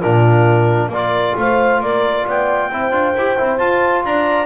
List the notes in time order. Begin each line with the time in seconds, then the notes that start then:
0.00 A#2 D4 F4 A#4
0.88 A#3 F4 A#4 D5
1.36 A3 C5 F5
1.79 A#3 A#4 D5
2.25 B3 D5 G5
2.69 C4 E4 C5
2.91 D4 F4
3.16 E4 G4
3.37 C4 E4
3.57 F4 A5
4.04 D4 D5 A#5